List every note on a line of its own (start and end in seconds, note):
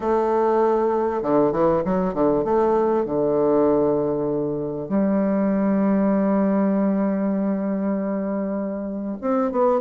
0.00 1.22 A3
1.22 1.52 D3
1.52 1.82 E3
1.84 2.14 F#3
2.14 2.44 D3
2.44 3.05 A3
3.05 4.88 D3
4.88 9.17 G3
9.21 9.51 C4
9.51 9.80 B3